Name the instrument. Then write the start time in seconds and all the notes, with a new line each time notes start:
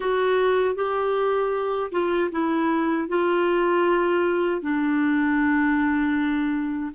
clarinet
0.00 F#4
0.75 G4
1.91 F4
2.31 E4
3.08 F4
4.61 D4